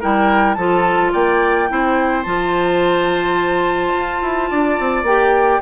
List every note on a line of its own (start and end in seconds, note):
0.00 0.57 G3
0.00 0.57 E4
0.00 0.56 A#4
0.00 0.54 G5
0.54 1.13 F3
0.54 1.68 F4
0.54 1.12 A4
0.54 1.10 A5
1.12 1.70 A#3
1.12 1.69 D5
1.12 2.23 G5
1.68 2.25 C4
1.68 2.24 E4
1.68 4.50 C5
2.23 3.94 F3
2.23 5.05 F4
2.23 5.04 A5
3.94 4.22 F4
4.22 4.50 E4
4.50 4.79 D4
4.50 5.62 D5
4.79 5.03 C4
5.03 5.59 A#3
5.03 5.62 G4
5.03 5.62 G5